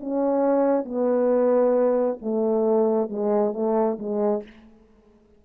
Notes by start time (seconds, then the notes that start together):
0.00 C#4
0.85 B3
2.21 A3
3.09 G#3
3.53 A3
3.99 G#3